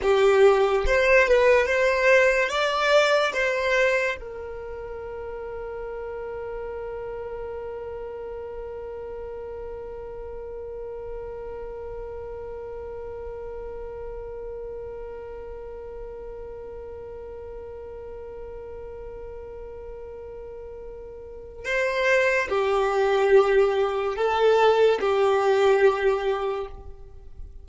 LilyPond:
\new Staff \with { instrumentName = "violin" } { \time 4/4 \tempo 4 = 72 g'4 c''8 b'8 c''4 d''4 | c''4 ais'2.~ | ais'1~ | ais'1~ |
ais'1~ | ais'1~ | ais'2 c''4 g'4~ | g'4 a'4 g'2 | }